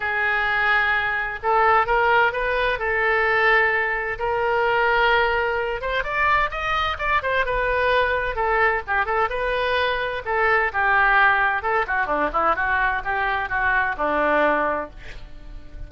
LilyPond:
\new Staff \with { instrumentName = "oboe" } { \time 4/4 \tempo 4 = 129 gis'2. a'4 | ais'4 b'4 a'2~ | a'4 ais'2.~ | ais'8 c''8 d''4 dis''4 d''8 c''8 |
b'2 a'4 g'8 a'8 | b'2 a'4 g'4~ | g'4 a'8 fis'8 d'8 e'8 fis'4 | g'4 fis'4 d'2 | }